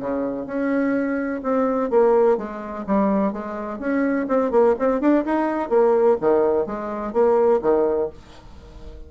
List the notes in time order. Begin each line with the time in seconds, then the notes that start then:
0.00 C#3
0.46 C#4
1.43 C4
1.90 A#3
2.37 G#3
2.87 G3
3.32 G#3
3.79 C#4
4.28 C4
4.51 A#3
4.79 C4
5.01 D4
5.25 D#4
5.69 A#3
6.21 D#3
6.66 G#3
7.13 A#3
7.62 D#3